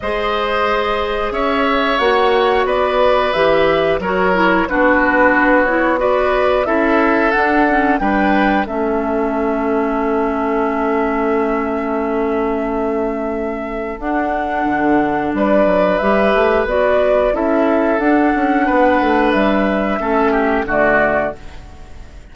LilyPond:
<<
  \new Staff \with { instrumentName = "flute" } { \time 4/4 \tempo 4 = 90 dis''2 e''4 fis''4 | d''4 e''4 cis''4 b'4~ | b'8 cis''8 d''4 e''4 fis''4 | g''4 e''2.~ |
e''1~ | e''4 fis''2 d''4 | e''4 d''4 e''4 fis''4~ | fis''4 e''2 d''4 | }
  \new Staff \with { instrumentName = "oboe" } { \time 4/4 c''2 cis''2 | b'2 ais'4 fis'4~ | fis'4 b'4 a'2 | b'4 a'2.~ |
a'1~ | a'2. b'4~ | b'2 a'2 | b'2 a'8 g'8 fis'4 | }
  \new Staff \with { instrumentName = "clarinet" } { \time 4/4 gis'2. fis'4~ | fis'4 g'4 fis'8 e'8 d'4~ | d'8 e'8 fis'4 e'4 d'8 cis'8 | d'4 cis'2.~ |
cis'1~ | cis'4 d'2. | g'4 fis'4 e'4 d'4~ | d'2 cis'4 a4 | }
  \new Staff \with { instrumentName = "bassoon" } { \time 4/4 gis2 cis'4 ais4 | b4 e4 fis4 b4~ | b2 cis'4 d'4 | g4 a2.~ |
a1~ | a4 d'4 d4 g8 fis8 | g8 a8 b4 cis'4 d'8 cis'8 | b8 a8 g4 a4 d4 | }
>>